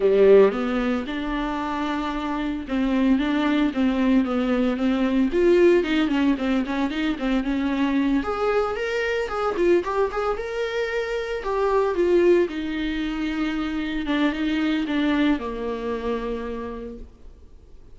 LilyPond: \new Staff \with { instrumentName = "viola" } { \time 4/4 \tempo 4 = 113 g4 b4 d'2~ | d'4 c'4 d'4 c'4 | b4 c'4 f'4 dis'8 cis'8 | c'8 cis'8 dis'8 c'8 cis'4. gis'8~ |
gis'8 ais'4 gis'8 f'8 g'8 gis'8 ais'8~ | ais'4. g'4 f'4 dis'8~ | dis'2~ dis'8 d'8 dis'4 | d'4 ais2. | }